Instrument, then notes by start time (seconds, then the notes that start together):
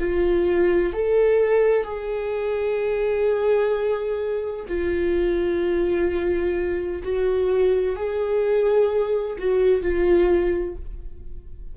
viola
0.00 F4
0.93 A4
1.85 G#4
4.69 F4
7.04 F#4
7.96 G#4
9.39 F#4
9.82 F4